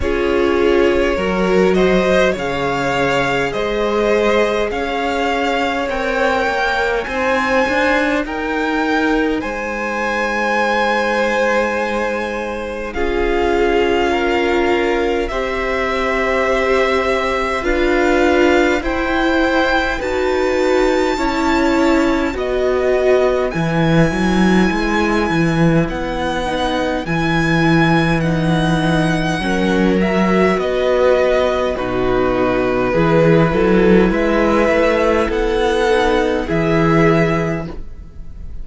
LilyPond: <<
  \new Staff \with { instrumentName = "violin" } { \time 4/4 \tempo 4 = 51 cis''4. dis''8 f''4 dis''4 | f''4 g''4 gis''4 g''4 | gis''2. f''4~ | f''4 e''2 f''4 |
g''4 a''2 dis''4 | gis''2 fis''4 gis''4 | fis''4. e''8 dis''4 b'4~ | b'4 e''4 fis''4 e''4 | }
  \new Staff \with { instrumentName = "violin" } { \time 4/4 gis'4 ais'8 c''8 cis''4 c''4 | cis''2 c''4 ais'4 | c''2. gis'4 | ais'4 c''2 b'4 |
c''4 b'4 cis''4 b'4~ | b'1~ | b'4 ais'4 b'4 fis'4 | gis'8 a'8 b'4 a'4 gis'4 | }
  \new Staff \with { instrumentName = "viola" } { \time 4/4 f'4 fis'4 gis'2~ | gis'4 ais'4 dis'2~ | dis'2. f'4~ | f'4 g'2 f'4 |
e'4 fis'4 e'4 fis'4 | e'2~ e'8 dis'8 e'4 | dis'4 cis'8 fis'4. dis'4 | e'2~ e'8 dis'8 e'4 | }
  \new Staff \with { instrumentName = "cello" } { \time 4/4 cis'4 fis4 cis4 gis4 | cis'4 c'8 ais8 c'8 d'8 dis'4 | gis2. cis'4~ | cis'4 c'2 d'4 |
e'4 dis'4 cis'4 b4 | e8 fis8 gis8 e8 b4 e4~ | e4 fis4 b4 b,4 | e8 fis8 gis8 a8 b4 e4 | }
>>